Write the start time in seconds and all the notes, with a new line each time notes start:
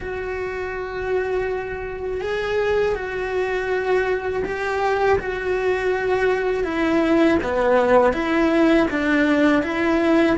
0.00 F#4
2.21 G#4
2.95 F#4
4.44 G4
5.19 F#4
6.64 E4
7.42 B3
8.13 E4
8.90 D4
9.63 E4